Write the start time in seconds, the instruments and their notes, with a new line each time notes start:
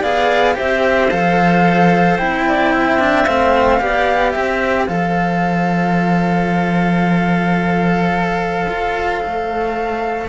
0.00 cello B3 G#4, clarinet D5, flute F5
0.54 cello C4 G4, clarinet C5, flute E5
1.10 cello F3 A4, flute F5
2.17 cello C4 E4, flute G5
2.48 clarinet D5
2.73 clarinet E5
2.99 cello D4
3.25 cello A3 C4, flute F5
3.79 cello B3 G4, clarinet D5
4.31 cello C4, clarinet C5, flute E5
4.87 cello F3 A4, flute F5
8.68 cello F4
9.25 cello A3